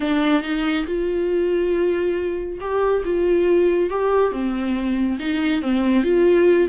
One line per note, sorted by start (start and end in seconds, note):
0.00 0.42 D4
0.42 0.85 D#4
0.86 2.58 F4
2.60 3.03 G4
3.04 3.90 F4
3.90 4.32 G4
4.32 5.18 C4
5.19 5.61 D#4
5.61 6.03 C4
6.03 6.68 F4